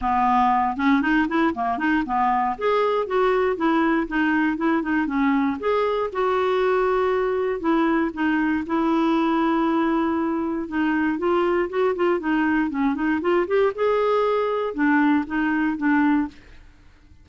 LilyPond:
\new Staff \with { instrumentName = "clarinet" } { \time 4/4 \tempo 4 = 118 b4. cis'8 dis'8 e'8 ais8 dis'8 | b4 gis'4 fis'4 e'4 | dis'4 e'8 dis'8 cis'4 gis'4 | fis'2. e'4 |
dis'4 e'2.~ | e'4 dis'4 f'4 fis'8 f'8 | dis'4 cis'8 dis'8 f'8 g'8 gis'4~ | gis'4 d'4 dis'4 d'4 | }